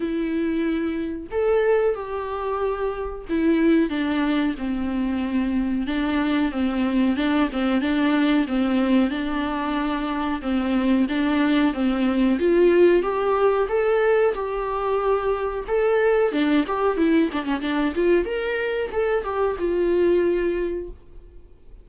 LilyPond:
\new Staff \with { instrumentName = "viola" } { \time 4/4 \tempo 4 = 92 e'2 a'4 g'4~ | g'4 e'4 d'4 c'4~ | c'4 d'4 c'4 d'8 c'8 | d'4 c'4 d'2 |
c'4 d'4 c'4 f'4 | g'4 a'4 g'2 | a'4 d'8 g'8 e'8 d'16 cis'16 d'8 f'8 | ais'4 a'8 g'8 f'2 | }